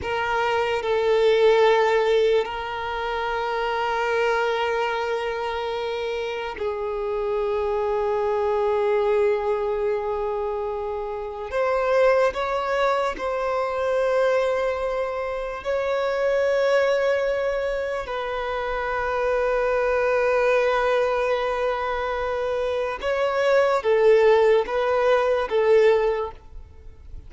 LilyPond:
\new Staff \with { instrumentName = "violin" } { \time 4/4 \tempo 4 = 73 ais'4 a'2 ais'4~ | ais'1 | gis'1~ | gis'2 c''4 cis''4 |
c''2. cis''4~ | cis''2 b'2~ | b'1 | cis''4 a'4 b'4 a'4 | }